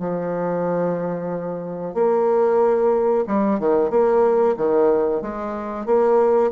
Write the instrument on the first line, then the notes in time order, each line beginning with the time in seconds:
bassoon
0.00 F3
1.95 A#3
3.27 G3
3.60 D#3
3.90 A#3
4.57 D#3
5.22 G#3
5.86 A#3